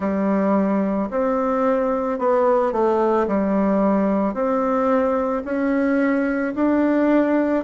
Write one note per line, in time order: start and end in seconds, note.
0.00 1.09 G3
1.10 2.18 C4
2.18 2.72 B3
2.72 3.26 A3
3.27 4.33 G3
4.33 5.42 C4
5.44 6.54 C#4
6.55 7.64 D4